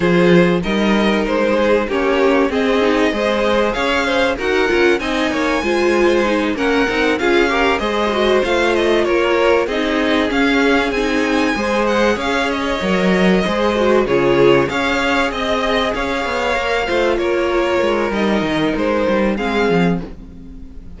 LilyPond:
<<
  \new Staff \with { instrumentName = "violin" } { \time 4/4 \tempo 4 = 96 c''4 dis''4 c''4 cis''4 | dis''2 f''4 fis''4 | gis''2~ gis''8 fis''4 f''8~ | f''8 dis''4 f''8 dis''8 cis''4 dis''8~ |
dis''8 f''4 gis''4. fis''8 f''8 | dis''2~ dis''8 cis''4 f''8~ | f''8 dis''4 f''2 cis''8~ | cis''4 dis''4 c''4 f''4 | }
  \new Staff \with { instrumentName = "violin" } { \time 4/4 gis'4 ais'4. gis'8 g'4 | gis'4 c''4 cis''8 c''8 ais'4 | dis''8 cis''8 c''4. ais'4 gis'8 | ais'8 c''2 ais'4 gis'8~ |
gis'2~ gis'8 c''4 cis''8~ | cis''4. c''4 gis'4 cis''8~ | cis''8 dis''4 cis''4. c''8 ais'8~ | ais'2. gis'4 | }
  \new Staff \with { instrumentName = "viola" } { \time 4/4 f'4 dis'2 cis'4 | c'8 dis'8 gis'2 fis'8 f'8 | dis'4 f'4 dis'8 cis'8 dis'8 f'8 | g'8 gis'8 fis'8 f'2 dis'8~ |
dis'8 cis'4 dis'4 gis'4.~ | gis'8 ais'4 gis'8 fis'8 f'4 gis'8~ | gis'2~ gis'8 ais'8 f'4~ | f'4 dis'2 c'4 | }
  \new Staff \with { instrumentName = "cello" } { \time 4/4 f4 g4 gis4 ais4 | c'4 gis4 cis'4 dis'8 cis'8 | c'8 ais8 gis4. ais8 c'8 cis'8~ | cis'8 gis4 a4 ais4 c'8~ |
c'8 cis'4 c'4 gis4 cis'8~ | cis'8 fis4 gis4 cis4 cis'8~ | cis'8 c'4 cis'8 b8 ais8 a8 ais8~ | ais8 gis8 g8 dis8 gis8 g8 gis8 f8 | }
>>